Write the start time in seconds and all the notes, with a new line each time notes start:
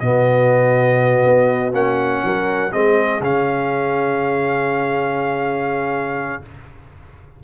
0.00 B2 B3 F#4 D#5
1.24 B3
1.73 A#3 C#4 F#5
2.23 F#3 A#4
2.72 G#3 C4 G#4 D#5
3.20 C#3 C#4 F5